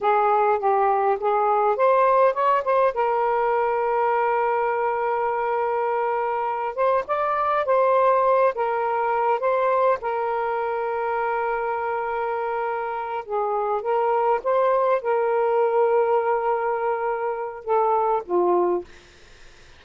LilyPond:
\new Staff \with { instrumentName = "saxophone" } { \time 4/4 \tempo 4 = 102 gis'4 g'4 gis'4 c''4 | cis''8 c''8 ais'2.~ | ais'2.~ ais'8 c''8 | d''4 c''4. ais'4. |
c''4 ais'2.~ | ais'2~ ais'8 gis'4 ais'8~ | ais'8 c''4 ais'2~ ais'8~ | ais'2 a'4 f'4 | }